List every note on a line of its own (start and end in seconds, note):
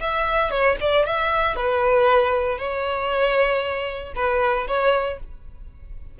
0.00 0.50 E5
0.50 0.76 C#5
0.80 1.06 D5
1.06 1.56 E5
1.56 2.58 B4
2.58 4.13 C#5
4.15 4.67 B4
4.67 5.19 C#5